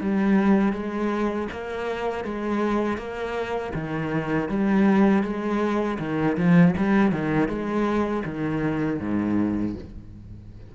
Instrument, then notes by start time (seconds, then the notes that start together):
cello
0.00 G3
0.73 G#3
1.51 A#3
2.24 G#3
2.97 A#3
3.74 D#3
4.49 G3
5.23 G#3
5.99 D#3
6.36 F3
6.77 G3
7.11 D#3
7.48 G#3
8.25 D#3
9.00 G#2